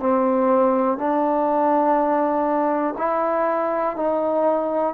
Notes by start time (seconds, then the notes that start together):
0.00 C4
0.98 D4
2.98 E4
3.96 D#4